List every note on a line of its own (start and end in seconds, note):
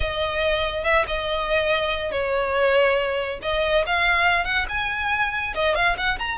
0.00 0.84 D#5
0.84 1.05 E5
1.07 2.11 D#5
2.11 3.39 C#5
3.42 3.84 D#5
3.86 4.44 F5
4.44 4.66 F#5
4.68 5.54 G#5
5.54 5.75 D#5
5.75 5.96 F5
5.97 6.18 F#5
6.18 6.38 A#5